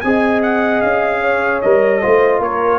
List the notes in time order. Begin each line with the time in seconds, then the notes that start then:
0.00 C4 G#4 G#5
0.06 D#5
0.42 F#5
0.81 C#4 F5
1.22 C#5
1.61 G3 A#4 D#5
2.01 A3 F4 C5
2.40 A#3 A#4 C#5